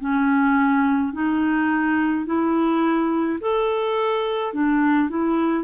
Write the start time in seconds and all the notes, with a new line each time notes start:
0.00 C#4
1.13 D#4
2.26 E4
3.41 A4
4.54 D4
5.09 E4